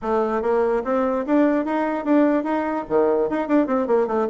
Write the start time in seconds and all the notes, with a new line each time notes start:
0.02 A3
0.41 A#3
0.84 C4
1.26 D4
1.65 D#4
2.04 D4
2.43 D#4
2.89 D#3
3.29 D#4
3.47 D4
3.67 C4
3.87 A#3
4.07 A3